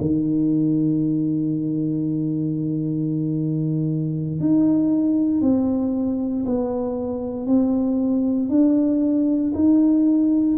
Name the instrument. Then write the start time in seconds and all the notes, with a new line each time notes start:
tuba
0.00 D#3
4.40 D#4
5.41 C4
6.45 B3
7.46 C4
8.49 D4
9.54 D#4